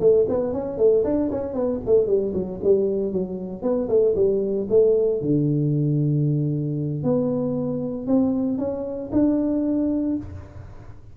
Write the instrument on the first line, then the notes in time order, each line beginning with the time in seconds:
tuba
0.00 A3
0.29 B3
0.53 C#4
0.78 A3
1.04 D4
1.31 C#4
1.54 B3
1.86 A3
2.07 G3
2.34 F#3
2.63 G3
3.13 F#3
3.62 B3
3.89 A3
4.15 G3
4.70 A3
5.22 D3
7.03 B3
8.07 C4
8.58 C#4
9.12 D4